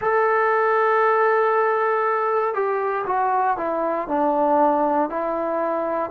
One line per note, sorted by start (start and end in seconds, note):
0.00 2.54 A4
2.54 3.05 G4
3.06 3.57 F#4
3.57 4.07 E4
4.07 5.09 D4
5.09 6.10 E4